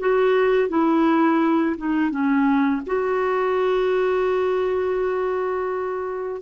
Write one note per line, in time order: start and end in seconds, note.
0.00 0.69 F#4
0.69 1.76 E4
1.78 2.11 D#4
2.11 2.82 C#4
2.87 6.42 F#4